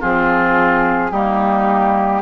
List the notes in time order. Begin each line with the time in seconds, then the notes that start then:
0.00 F3 C4 F4 G#4
1.11 G3 A#3 D#4 G4